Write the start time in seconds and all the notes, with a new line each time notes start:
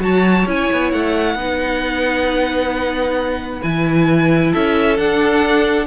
0.00 F#3 F#4 C#5 A5
0.46 C#4 E4 G#5
0.72 B3
0.92 A3 F#5
1.35 B3 D#4 B4
3.62 E3 E4 G#5
4.51 C#4 A4 E5
4.97 D4 F#5